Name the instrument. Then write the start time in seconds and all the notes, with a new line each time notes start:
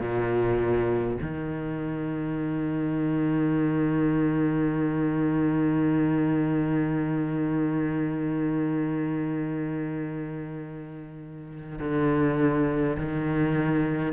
cello
0.00 A#2
1.22 D#3
11.79 D3
12.97 D#3